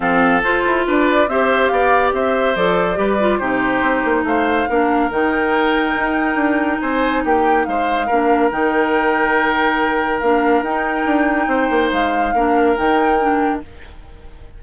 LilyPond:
<<
  \new Staff \with { instrumentName = "flute" } { \time 4/4 \tempo 4 = 141 f''4 c''4 d''4 e''4 | f''4 e''4 d''2 | c''2 f''2 | g''1 |
gis''4 g''4 f''2 | g''1 | f''4 g''2. | f''2 g''2 | }
  \new Staff \with { instrumentName = "oboe" } { \time 4/4 a'2 b'4 c''4 | d''4 c''2 b'4 | g'2 c''4 ais'4~ | ais'1 |
c''4 g'4 c''4 ais'4~ | ais'1~ | ais'2. c''4~ | c''4 ais'2. | }
  \new Staff \with { instrumentName = "clarinet" } { \time 4/4 c'4 f'2 g'4~ | g'2 a'4 g'8 f'8 | dis'2. d'4 | dis'1~ |
dis'2. d'4 | dis'1 | d'4 dis'2.~ | dis'4 d'4 dis'4 d'4 | }
  \new Staff \with { instrumentName = "bassoon" } { \time 4/4 f4 f'8 e'8 d'4 c'4 | b4 c'4 f4 g4 | c4 c'8 ais8 a4 ais4 | dis2 dis'4 d'4 |
c'4 ais4 gis4 ais4 | dis1 | ais4 dis'4 d'4 c'8 ais8 | gis4 ais4 dis2 | }
>>